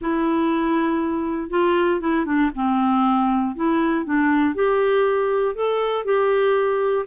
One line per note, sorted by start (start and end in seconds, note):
0.01 1.50 E4
1.50 2.00 F4
2.00 2.25 E4
2.25 2.50 D4
2.55 3.55 C4
3.55 4.05 E4
4.05 4.54 D4
4.54 5.55 G4
5.55 6.04 A4
6.04 7.05 G4